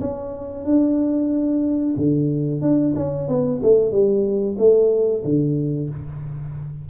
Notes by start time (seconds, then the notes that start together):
0.00 C#4
0.64 D4
1.97 D3
2.61 D4
2.96 C#4
3.28 B3
3.63 A3
3.91 G3
4.58 A3
5.24 D3